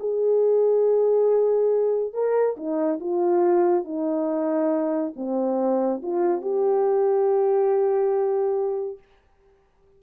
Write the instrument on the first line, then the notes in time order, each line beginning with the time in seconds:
horn
0.00 G#4
2.14 A#4
2.57 D#4
3.00 F4
3.85 D#4
5.16 C4
6.03 F4
6.42 G4